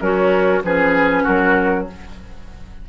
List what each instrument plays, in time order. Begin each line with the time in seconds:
0.00 bassoon F#3, oboe C#4, clarinet F#4, flute A#4
0.63 bassoon F3, clarinet C#4, oboe G#4, flute B4
1.23 bassoon F#3, oboe F#4, flute A#4